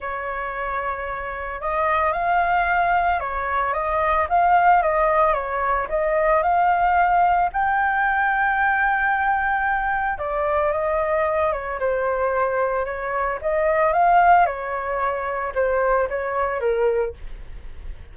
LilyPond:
\new Staff \with { instrumentName = "flute" } { \time 4/4 \tempo 4 = 112 cis''2. dis''4 | f''2 cis''4 dis''4 | f''4 dis''4 cis''4 dis''4 | f''2 g''2~ |
g''2. d''4 | dis''4. cis''8 c''2 | cis''4 dis''4 f''4 cis''4~ | cis''4 c''4 cis''4 ais'4 | }